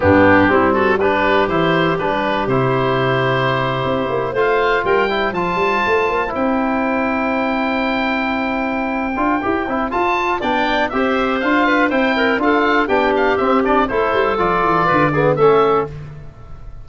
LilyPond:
<<
  \new Staff \with { instrumentName = "oboe" } { \time 4/4 \tempo 4 = 121 g'4. a'8 b'4 c''4 | b'4 c''2.~ | c''8. f''4 g''4 a''4~ a''16~ | a''8. g''2.~ g''16~ |
g''1 | a''4 g''4 e''4 f''4 | g''4 f''4 g''8 f''8 e''8 d''8 | c''4 d''2 e''4 | }
  \new Staff \with { instrumentName = "clarinet" } { \time 4/4 d'4 e'8 fis'8 g'2~ | g'1~ | g'8. c''4 ais'8 c''4.~ c''16~ | c''1~ |
c''1~ | c''4 d''4 c''4. b'8 | c''8 ais'8 a'4 g'2 | a'2 b'8 gis'8 a'4 | }
  \new Staff \with { instrumentName = "trombone" } { \time 4/4 b4 c'4 d'4 e'4 | d'4 e'2.~ | e'8. f'4. e'8 f'4~ f'16~ | f'8. e'2.~ e'16~ |
e'2~ e'8 f'8 g'8 e'8 | f'4 d'4 g'4 f'4 | e'4 f'4 d'4 c'8 d'8 | e'4 f'4. b8 cis'4 | }
  \new Staff \with { instrumentName = "tuba" } { \time 4/4 g,4 g2 e4 | g4 c2~ c8. c'16~ | c'16 ais8 a4 g4 f8 g8 a16~ | a16 ais8 c'2.~ c'16~ |
c'2~ c'8 d'8 e'8 c'8 | f'4 b4 c'4 d'4 | c'4 d'4 b4 c'4 | a8 g8 f8 e8 d4 a4 | }
>>